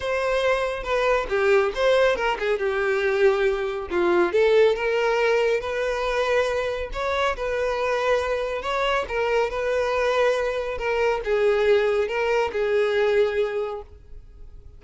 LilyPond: \new Staff \with { instrumentName = "violin" } { \time 4/4 \tempo 4 = 139 c''2 b'4 g'4 | c''4 ais'8 gis'8 g'2~ | g'4 f'4 a'4 ais'4~ | ais'4 b'2. |
cis''4 b'2. | cis''4 ais'4 b'2~ | b'4 ais'4 gis'2 | ais'4 gis'2. | }